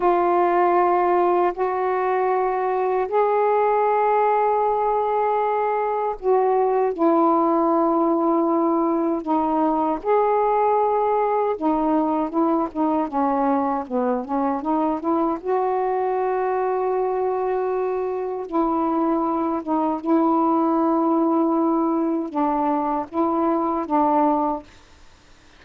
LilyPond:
\new Staff \with { instrumentName = "saxophone" } { \time 4/4 \tempo 4 = 78 f'2 fis'2 | gis'1 | fis'4 e'2. | dis'4 gis'2 dis'4 |
e'8 dis'8 cis'4 b8 cis'8 dis'8 e'8 | fis'1 | e'4. dis'8 e'2~ | e'4 d'4 e'4 d'4 | }